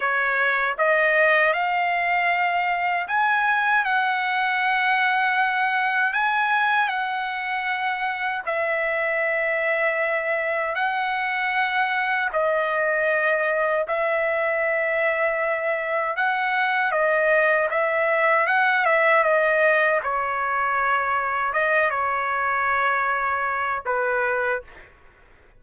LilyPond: \new Staff \with { instrumentName = "trumpet" } { \time 4/4 \tempo 4 = 78 cis''4 dis''4 f''2 | gis''4 fis''2. | gis''4 fis''2 e''4~ | e''2 fis''2 |
dis''2 e''2~ | e''4 fis''4 dis''4 e''4 | fis''8 e''8 dis''4 cis''2 | dis''8 cis''2~ cis''8 b'4 | }